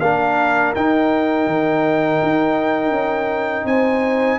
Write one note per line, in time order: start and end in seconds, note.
0.00 0.73 A#3
0.00 0.75 D4
0.00 3.66 A#4
0.00 0.73 F5
0.75 1.46 D#4
0.75 4.39 D#4
0.75 3.67 G5
1.46 2.20 D#3
2.22 2.91 D#4
2.91 3.64 C#4
3.65 4.38 C4
3.65 4.39 C5
3.65 4.39 G#5